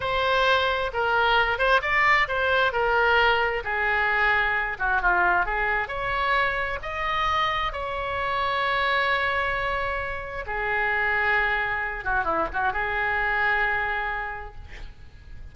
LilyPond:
\new Staff \with { instrumentName = "oboe" } { \time 4/4 \tempo 4 = 132 c''2 ais'4. c''8 | d''4 c''4 ais'2 | gis'2~ gis'8 fis'8 f'4 | gis'4 cis''2 dis''4~ |
dis''4 cis''2.~ | cis''2. gis'4~ | gis'2~ gis'8 fis'8 e'8 fis'8 | gis'1 | }